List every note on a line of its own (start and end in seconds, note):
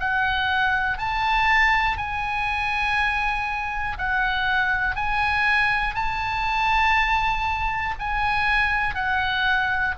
0.00 0.98 F#5
0.98 1.97 A5
1.97 3.97 G#5
3.98 4.96 F#5
4.96 5.95 G#5
5.95 7.95 A5
8.00 8.95 G#5
8.95 9.95 F#5